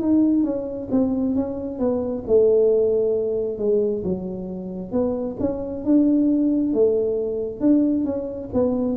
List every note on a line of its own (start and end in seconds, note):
0.00 0.43 D#4
0.43 0.88 C#4
0.91 1.36 C4
1.36 1.79 C#4
1.79 2.23 B3
2.27 3.58 A3
3.58 4.03 G#3
4.04 4.92 F#3
4.92 5.36 B3
5.40 5.85 C#4
5.85 6.73 D4
6.73 7.60 A3
7.60 8.04 D4
8.04 8.49 C#4
8.53 8.97 B3